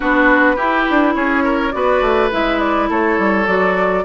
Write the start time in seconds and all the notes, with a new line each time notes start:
0.00 B3 D4 F#4 B4
0.56 E4 G4
0.90 D4
1.15 C#4 G#4 C#5
1.43 A#4
1.71 B3 F#4 B4 D5
2.01 A3
2.31 G#3 E4 E5
2.59 D5
2.89 A3 A4 C#5
3.18 G3
3.45 F#3 F#4 D5